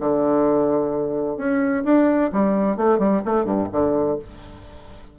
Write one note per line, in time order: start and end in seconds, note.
0.00 1.37 D3
1.37 1.84 C#4
1.85 2.31 D4
2.33 2.77 G3
2.77 2.99 A3
2.99 3.23 G3
3.26 3.45 A3
3.45 3.68 G2
3.72 4.19 D3